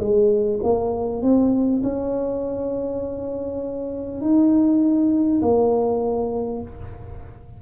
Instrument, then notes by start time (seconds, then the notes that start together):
tuba
0.00 G#3
0.63 A#3
1.22 C4
1.83 C#4
4.22 D#4
5.42 A#3